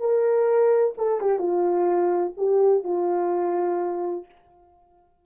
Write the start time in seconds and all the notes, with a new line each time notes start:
0.00 A#4
0.97 A4
1.21 G4
1.39 F4
2.37 G4
2.84 F4